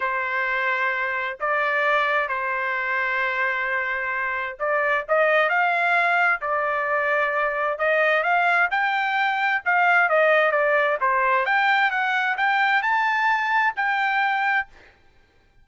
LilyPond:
\new Staff \with { instrumentName = "trumpet" } { \time 4/4 \tempo 4 = 131 c''2. d''4~ | d''4 c''2.~ | c''2 d''4 dis''4 | f''2 d''2~ |
d''4 dis''4 f''4 g''4~ | g''4 f''4 dis''4 d''4 | c''4 g''4 fis''4 g''4 | a''2 g''2 | }